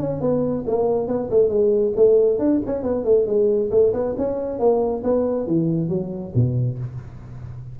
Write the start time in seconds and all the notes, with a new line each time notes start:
0.00 C#4
0.21 B3
0.67 A#3
1.08 B3
1.31 A3
1.49 G#3
1.96 A3
2.39 D4
2.66 C#4
2.83 B3
3.05 A3
3.27 G#3
3.71 A3
3.94 B3
4.18 C#4
4.59 A#3
5.04 B3
5.47 E3
5.89 F#3
6.35 B2